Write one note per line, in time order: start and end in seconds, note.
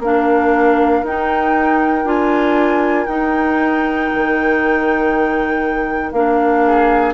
0.00 1.02 A#3
0.00 1.05 D4
0.00 6.63 A#4
0.00 1.06 F5
1.04 2.04 D#4
1.04 2.05 D#4
1.04 2.08 G5
2.04 3.06 D4
2.04 3.06 F4
2.04 3.06 G#5
3.06 4.09 D#4
3.06 6.14 D#4
3.06 6.11 G5
4.14 6.12 D#3
6.12 7.14 A#3
6.12 7.14 D4
6.12 7.14 F5
6.66 7.14 G#4